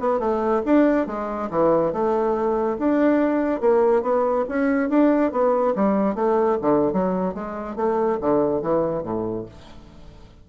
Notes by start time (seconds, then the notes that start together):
0.00 B3
0.19 A3
0.65 D4
1.07 G#3
1.50 E3
1.92 A3
2.79 D4
3.61 A#3
4.03 B3
4.49 C#4
4.90 D4
5.32 B3
5.76 G3
6.15 A3
6.62 D3
6.92 F#3
7.34 G#3
7.76 A3
8.21 D3
8.62 E3
9.03 A2